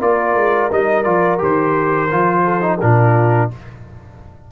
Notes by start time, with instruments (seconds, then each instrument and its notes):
0.00 tuba A#3, trombone F4, horn A#4, trumpet D5
0.36 tuba G#3
0.72 tuba G3, trombone D#4, trumpet D#5
1.04 tuba F3, trombone F4, trumpet D5
1.38 tuba D#3, trombone G4, trumpet C5
2.11 tuba F3, trombone F4
2.44 horn A4
2.61 trombone D#4
2.81 tuba A#2, trombone D4, horn F4, trumpet A#4